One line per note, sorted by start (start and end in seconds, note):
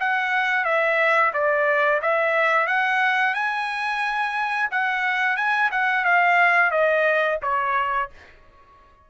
0.00 0.65 F#5
0.65 1.32 E5
1.34 2.01 D5
2.02 2.68 E5
2.68 3.35 F#5
3.35 4.70 G#5
4.72 5.37 F#5
5.37 5.71 G#5
5.72 6.05 F#5
6.05 6.72 F5
6.72 7.39 D#5
7.43 8.10 C#5